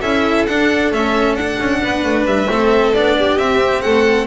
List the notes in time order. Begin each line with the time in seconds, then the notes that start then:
0.00 C#4 E4 A4 E5
0.46 D4 F#5
0.92 A3 C#4 E5
1.35 D4 F#5
1.41 D4
1.59 C#4
1.83 B3 B4
2.04 A3
2.25 G3 E5
2.47 A3 C4 A4
2.94 B3 D4 D5
3.18 G4
3.38 C4 E5
3.82 A3 A4 F#5